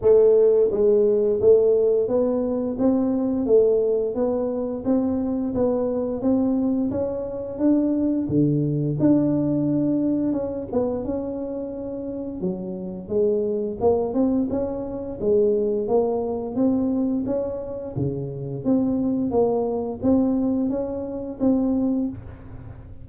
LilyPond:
\new Staff \with { instrumentName = "tuba" } { \time 4/4 \tempo 4 = 87 a4 gis4 a4 b4 | c'4 a4 b4 c'4 | b4 c'4 cis'4 d'4 | d4 d'2 cis'8 b8 |
cis'2 fis4 gis4 | ais8 c'8 cis'4 gis4 ais4 | c'4 cis'4 cis4 c'4 | ais4 c'4 cis'4 c'4 | }